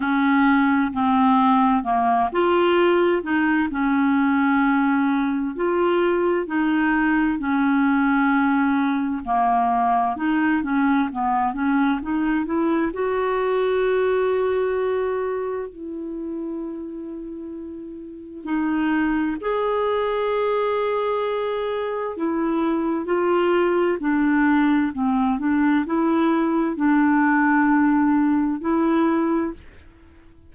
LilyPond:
\new Staff \with { instrumentName = "clarinet" } { \time 4/4 \tempo 4 = 65 cis'4 c'4 ais8 f'4 dis'8 | cis'2 f'4 dis'4 | cis'2 ais4 dis'8 cis'8 | b8 cis'8 dis'8 e'8 fis'2~ |
fis'4 e'2. | dis'4 gis'2. | e'4 f'4 d'4 c'8 d'8 | e'4 d'2 e'4 | }